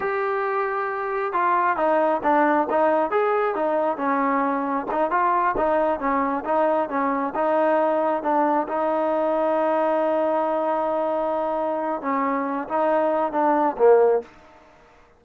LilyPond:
\new Staff \with { instrumentName = "trombone" } { \time 4/4 \tempo 4 = 135 g'2. f'4 | dis'4 d'4 dis'4 gis'4 | dis'4 cis'2 dis'8 f'8~ | f'8 dis'4 cis'4 dis'4 cis'8~ |
cis'8 dis'2 d'4 dis'8~ | dis'1~ | dis'2. cis'4~ | cis'8 dis'4. d'4 ais4 | }